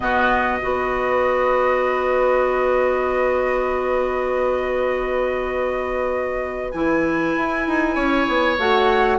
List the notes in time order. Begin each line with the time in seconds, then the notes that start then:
0.00 B2 B3 F#4 D#5
0.61 B3 F#4 B4
6.71 E3 E4 G#5
7.36 E4
7.67 D#4
7.94 C#4 C#5
8.27 B3
8.58 A3 F#4 F#5